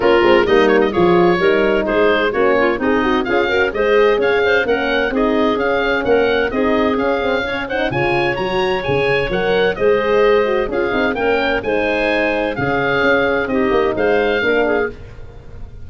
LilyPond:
<<
  \new Staff \with { instrumentName = "oboe" } { \time 4/4 \tempo 4 = 129 ais'4 dis''8 cis''16 dis''16 cis''2 | c''4 cis''4 dis''4 f''4 | dis''4 f''4 fis''4 dis''4 | f''4 fis''4 dis''4 f''4~ |
f''8 fis''8 gis''4 ais''4 gis''4 | fis''4 dis''2 f''4 | g''4 gis''2 f''4~ | f''4 dis''4 f''2 | }
  \new Staff \with { instrumentName = "clarinet" } { \time 4/4 f'4 dis'4 gis'4 ais'4 | gis'4 fis'8 f'8 dis'4 gis'8 ais'8 | c''4 cis''8 c''8 ais'4 gis'4~ | gis'4 ais'4 gis'2 |
cis''8 c''8 cis''2.~ | cis''4 c''2 gis'4 | ais'4 c''2 gis'4~ | gis'4 g'4 c''4 ais'8 gis'8 | }
  \new Staff \with { instrumentName = "horn" } { \time 4/4 cis'8 c'8 ais4 f'4 dis'4~ | dis'4 cis'4 gis'8 fis'8 f'8 fis'8 | gis'2 cis'4 dis'4 | cis'2 dis'4 cis'8 c'8 |
cis'8 dis'8 f'4 fis'4 gis'4 | ais'4 gis'4. fis'8 f'8 dis'8 | cis'4 dis'2 cis'4~ | cis'4 dis'2 d'4 | }
  \new Staff \with { instrumentName = "tuba" } { \time 4/4 ais8 gis8 g4 f4 g4 | gis4 ais4 c'4 cis'4 | gis4 cis'4 ais4 c'4 | cis'4 ais4 c'4 cis'4~ |
cis'4 cis4 fis4 cis4 | fis4 gis2 cis'8 c'8 | ais4 gis2 cis4 | cis'4 c'8 ais8 gis4 ais4 | }
>>